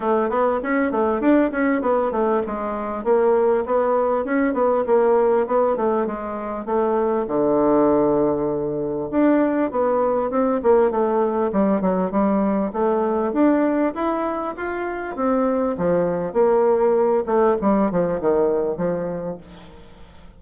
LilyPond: \new Staff \with { instrumentName = "bassoon" } { \time 4/4 \tempo 4 = 99 a8 b8 cis'8 a8 d'8 cis'8 b8 a8 | gis4 ais4 b4 cis'8 b8 | ais4 b8 a8 gis4 a4 | d2. d'4 |
b4 c'8 ais8 a4 g8 fis8 | g4 a4 d'4 e'4 | f'4 c'4 f4 ais4~ | ais8 a8 g8 f8 dis4 f4 | }